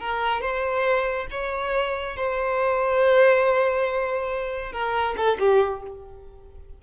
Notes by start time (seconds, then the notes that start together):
0.00 A#4
0.41 C5
1.31 C#5
2.16 C5
4.73 A#4
5.17 A4
5.39 G4